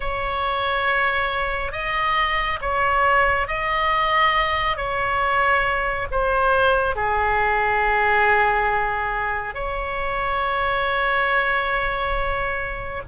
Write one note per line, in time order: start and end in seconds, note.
0.00 1.72 C#5
1.72 2.59 D#5
2.61 3.47 C#5
3.47 4.76 D#5
4.76 6.07 C#5
6.11 6.95 C5
6.95 9.54 G#4
9.54 13.02 C#5